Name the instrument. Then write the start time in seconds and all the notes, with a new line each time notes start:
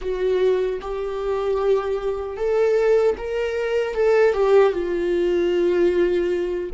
viola
0.01 F#4
0.81 G4
2.36 A4
3.17 A#4
3.94 A4
4.33 G4
4.72 F4